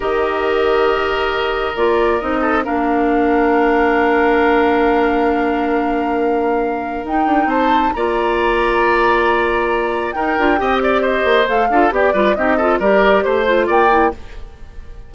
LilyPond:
<<
  \new Staff \with { instrumentName = "flute" } { \time 4/4 \tempo 4 = 136 dis''1 | d''4 dis''4 f''2~ | f''1~ | f''1 |
g''4 a''4 ais''2~ | ais''2. g''4~ | g''8 d''8 dis''4 f''4 d''4 | dis''4 d''4 c''4 g''4 | }
  \new Staff \with { instrumentName = "oboe" } { \time 4/4 ais'1~ | ais'4. a'8 ais'2~ | ais'1~ | ais'1~ |
ais'4 c''4 d''2~ | d''2. ais'4 | dis''8 d''8 c''4. a'8 g'8 b'8 | g'8 a'8 ais'4 c''4 d''4 | }
  \new Staff \with { instrumentName = "clarinet" } { \time 4/4 g'1 | f'4 dis'4 d'2~ | d'1~ | d'1 |
dis'2 f'2~ | f'2. dis'8 f'8 | g'2 a'8 f'8 g'8 f'8 | dis'8 f'8 g'4. f'4 e'8 | }
  \new Staff \with { instrumentName = "bassoon" } { \time 4/4 dis1 | ais4 c'4 ais2~ | ais1~ | ais1 |
dis'8 d'8 c'4 ais2~ | ais2. dis'8 d'8 | c'4. ais8 a8 d'8 b8 g8 | c'4 g4 a4 ais4 | }
>>